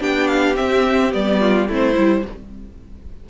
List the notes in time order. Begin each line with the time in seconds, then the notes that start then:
0.00 B3 D4 G4 G5
0.28 F5
0.55 C4 E5
1.11 G3 B3 D5
1.41 F4
1.68 A3 C4 E4 C5
1.95 G3 E4